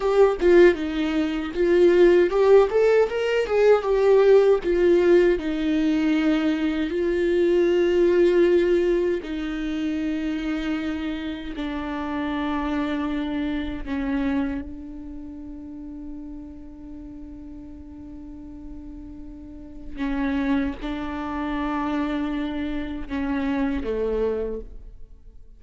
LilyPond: \new Staff \with { instrumentName = "viola" } { \time 4/4 \tempo 4 = 78 g'8 f'8 dis'4 f'4 g'8 a'8 | ais'8 gis'8 g'4 f'4 dis'4~ | dis'4 f'2. | dis'2. d'4~ |
d'2 cis'4 d'4~ | d'1~ | d'2 cis'4 d'4~ | d'2 cis'4 a4 | }